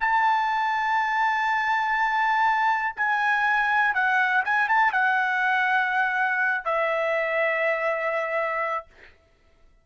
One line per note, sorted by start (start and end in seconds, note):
0.00 2.95 A5
2.96 3.94 G#5
3.94 4.44 F#5
4.45 4.68 G#5
4.68 4.92 A5
4.92 6.64 F#5
6.64 8.86 E5